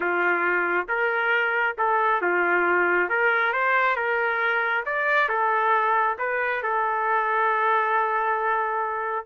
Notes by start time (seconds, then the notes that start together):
0.00 F4
0.88 A#4
1.78 A4
2.21 F4
3.09 A#4
3.53 C5
3.96 A#4
4.85 D5
5.29 A4
6.18 B4
6.62 A4